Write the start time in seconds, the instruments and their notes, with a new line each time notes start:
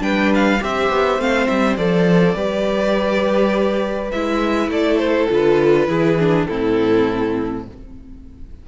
0.00 cello G3, viola D4, violin B4 G5
0.35 violin F5
0.61 cello C4, viola G4, violin C5 E5
0.89 cello B3
1.19 cello A3, viola C4, violin F5
1.47 cello G3, violin E5
1.77 cello F3, viola A4, violin D5
2.35 cello G3, viola G4, violin B4
4.11 cello G#3, viola E4, violin E5
4.68 cello A3, violin A4 D5
4.98 violin C5
5.30 cello D3, viola F4, violin B4
5.88 cello E3, viola E4, violin G#4
6.20 viola D4
6.46 cello A2, viola C4, violin E4 A4